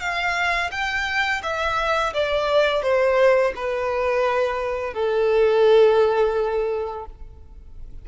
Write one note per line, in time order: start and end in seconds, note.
0.00 0.71 F5
0.72 1.42 G5
1.43 2.14 E5
2.14 2.83 D5
2.83 3.53 C5
3.56 4.94 B4
4.94 7.06 A4